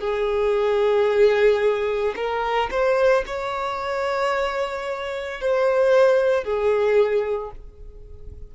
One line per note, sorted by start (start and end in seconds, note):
0.00 2.14 G#4
2.16 2.69 A#4
2.71 3.24 C5
3.26 5.41 C#5
5.41 6.44 C5
6.44 7.51 G#4